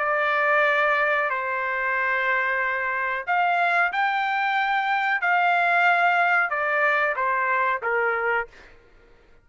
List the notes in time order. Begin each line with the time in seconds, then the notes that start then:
0.00 D5
1.30 C5
3.27 F5
3.93 G5
5.22 F5
6.50 D5
7.16 C5
7.83 A#4